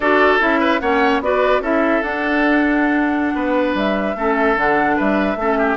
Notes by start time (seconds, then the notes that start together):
0.00 D4 F#4 A4 D5
0.39 C#4 E4 E5
0.60 B4
0.80 A#3 C#4 C#5 F#5
1.20 B3 F#4 B4 D5
1.59 C#4 E4 A4 E5
2.02 D4 F#5
3.34 B3 B4
3.74 G3 E5
4.15 A3 C#4 A4
4.56 D3 D4 F#5
4.96 G3 B4 E5
5.35 A3 C#4 A4
5.58 G4